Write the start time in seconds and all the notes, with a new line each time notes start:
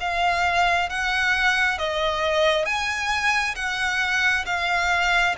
0.00 F5
0.89 F#5
1.78 D#5
2.65 G#5
3.55 F#5
4.46 F5